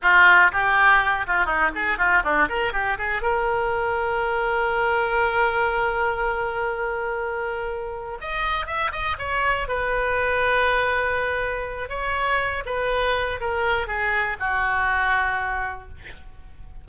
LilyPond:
\new Staff \with { instrumentName = "oboe" } { \time 4/4 \tempo 4 = 121 f'4 g'4. f'8 dis'8 gis'8 | f'8 d'8 ais'8 g'8 gis'8 ais'4.~ | ais'1~ | ais'1~ |
ais'8 dis''4 e''8 dis''8 cis''4 b'8~ | b'1 | cis''4. b'4. ais'4 | gis'4 fis'2. | }